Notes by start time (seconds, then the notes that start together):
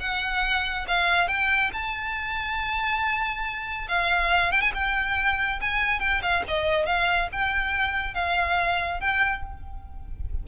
0.00 F#5
0.88 F5
1.28 G5
1.73 A5
3.88 F5
4.52 G5
4.61 G#5
4.74 G5
5.61 G#5
6.00 G5
6.22 F5
6.48 D#5
6.86 F5
7.32 G5
8.14 F5
9.00 G5